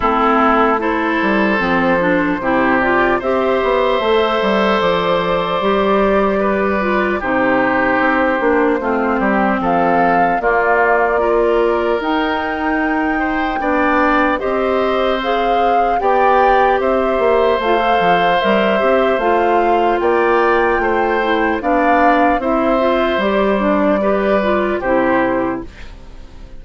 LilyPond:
<<
  \new Staff \with { instrumentName = "flute" } { \time 4/4 \tempo 4 = 75 a'4 c''2~ c''8 d''8 | e''2 d''2~ | d''4 c''2. | f''4 d''2 g''4~ |
g''2 dis''4 f''4 | g''4 e''4 f''4 e''4 | f''4 g''2 f''4 | e''4 d''2 c''4 | }
  \new Staff \with { instrumentName = "oboe" } { \time 4/4 e'4 a'2 g'4 | c''1 | b'4 g'2 f'8 g'8 | a'4 f'4 ais'2~ |
ais'8 c''8 d''4 c''2 | d''4 c''2.~ | c''4 d''4 c''4 d''4 | c''2 b'4 g'4 | }
  \new Staff \with { instrumentName = "clarinet" } { \time 4/4 c'4 e'4 c'8 d'8 e'8 f'8 | g'4 a'2 g'4~ | g'8 f'8 dis'4. d'8 c'4~ | c'4 ais4 f'4 dis'4~ |
dis'4 d'4 g'4 gis'4 | g'2 f'16 a'8. ais'8 g'8 | f'2~ f'8 e'8 d'4 | e'8 f'8 g'8 d'8 g'8 f'8 e'4 | }
  \new Staff \with { instrumentName = "bassoon" } { \time 4/4 a4. g8 f4 c4 | c'8 b8 a8 g8 f4 g4~ | g4 c4 c'8 ais8 a8 g8 | f4 ais2 dis'4~ |
dis'4 b4 c'2 | b4 c'8 ais8 a8 f8 g8 c'8 | a4 ais4 a4 b4 | c'4 g2 c4 | }
>>